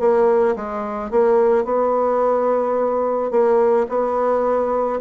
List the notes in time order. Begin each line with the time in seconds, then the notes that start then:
0.00 A#3
0.56 G#3
1.11 A#3
1.64 B3
3.31 A#3
3.89 B3